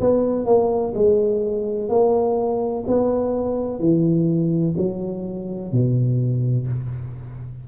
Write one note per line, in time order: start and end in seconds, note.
0.00 0.45 B3
0.45 0.93 A#3
0.94 1.89 G#3
1.89 2.84 A#3
2.87 3.79 B3
3.79 4.74 E3
4.77 5.71 F#3
5.71 6.67 B2